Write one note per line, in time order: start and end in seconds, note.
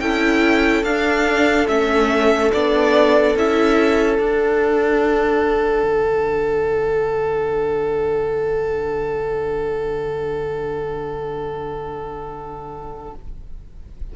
0.00 0.83 C#4
0.00 0.85 E4
0.00 13.14 A4
0.00 0.83 G5
0.83 1.66 D4
0.83 1.68 D4
0.83 1.67 F5
1.68 2.51 A3
1.68 2.52 C#4
1.68 2.51 E5
2.52 3.36 B3
2.52 3.37 D4
2.52 3.36 D5
3.36 4.19 C#4
3.36 4.20 E4
3.36 4.18 E5
4.18 5.83 D4
4.18 13.16 D4
4.18 13.14 F#5
5.83 13.12 D3